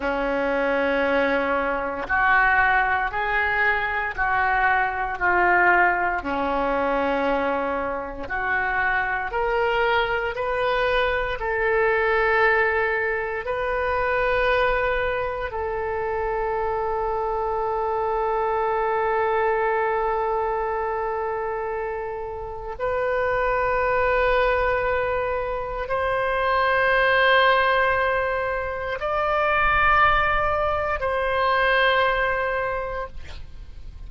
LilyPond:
\new Staff \with { instrumentName = "oboe" } { \time 4/4 \tempo 4 = 58 cis'2 fis'4 gis'4 | fis'4 f'4 cis'2 | fis'4 ais'4 b'4 a'4~ | a'4 b'2 a'4~ |
a'1~ | a'2 b'2~ | b'4 c''2. | d''2 c''2 | }